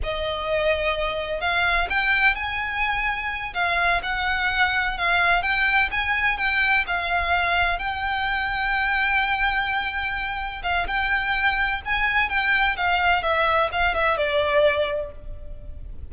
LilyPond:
\new Staff \with { instrumentName = "violin" } { \time 4/4 \tempo 4 = 127 dis''2. f''4 | g''4 gis''2~ gis''8 f''8~ | f''8 fis''2 f''4 g''8~ | g''8 gis''4 g''4 f''4.~ |
f''8 g''2.~ g''8~ | g''2~ g''8 f''8 g''4~ | g''4 gis''4 g''4 f''4 | e''4 f''8 e''8 d''2 | }